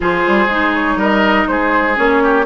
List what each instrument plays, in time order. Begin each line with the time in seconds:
0.00 bassoon F3, clarinet F4, oboe G#4, flute C5
0.27 bassoon G3
0.46 bassoon G#3, clarinet D#4
0.74 flute C#5
0.96 bassoon G3, oboe A#4, flute D#5
1.47 bassoon G#3, oboe G#4, flute C5
1.95 bassoon A#3, clarinet C#4, flute C#5
2.23 oboe G4